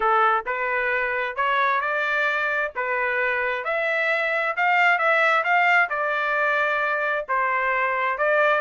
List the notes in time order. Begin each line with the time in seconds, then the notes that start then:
0.00 A4
0.45 B4
1.36 C#5
1.80 D5
2.75 B4
3.64 E5
4.56 F5
4.98 E5
5.43 F5
5.89 D5
7.28 C5
8.17 D5